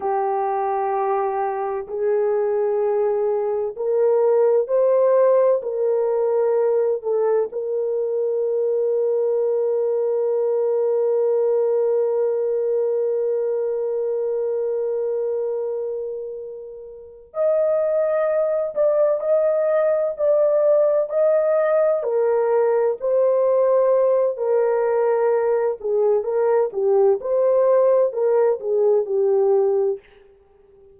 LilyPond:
\new Staff \with { instrumentName = "horn" } { \time 4/4 \tempo 4 = 64 g'2 gis'2 | ais'4 c''4 ais'4. a'8 | ais'1~ | ais'1~ |
ais'2~ ais'8 dis''4. | d''8 dis''4 d''4 dis''4 ais'8~ | ais'8 c''4. ais'4. gis'8 | ais'8 g'8 c''4 ais'8 gis'8 g'4 | }